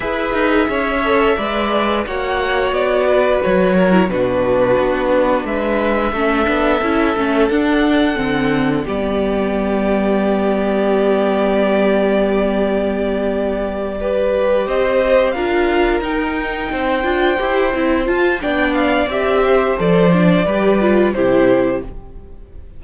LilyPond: <<
  \new Staff \with { instrumentName = "violin" } { \time 4/4 \tempo 4 = 88 e''2. fis''4 | d''4 cis''4 b'2 | e''2. fis''4~ | fis''4 d''2.~ |
d''1~ | d''4. dis''4 f''4 g''8~ | g''2~ g''8 a''8 g''8 f''8 | e''4 d''2 c''4 | }
  \new Staff \with { instrumentName = "violin" } { \time 4/4 b'4 cis''4 d''4 cis''4~ | cis''8 b'4 ais'8 fis'2 | b'4 a'2.~ | a'4 g'2.~ |
g'1~ | g'8 b'4 c''4 ais'4.~ | ais'8 c''2~ c''8 d''4~ | d''8 c''4. b'4 g'4 | }
  \new Staff \with { instrumentName = "viola" } { \time 4/4 gis'4. a'8 b'4 fis'4~ | fis'4.~ fis'16 e'16 d'2~ | d'4 cis'8 d'8 e'8 cis'8 d'4 | c'4 b2.~ |
b1~ | b8 g'2 f'4 dis'8~ | dis'4 f'8 g'8 e'8 f'8 d'4 | g'4 a'8 d'8 g'8 f'8 e'4 | }
  \new Staff \with { instrumentName = "cello" } { \time 4/4 e'8 dis'8 cis'4 gis4 ais4 | b4 fis4 b,4 b4 | gis4 a8 b8 cis'8 a8 d'4 | d4 g2.~ |
g1~ | g4. c'4 d'4 dis'8~ | dis'8 c'8 d'8 e'8 c'8 f'8 b4 | c'4 f4 g4 c4 | }
>>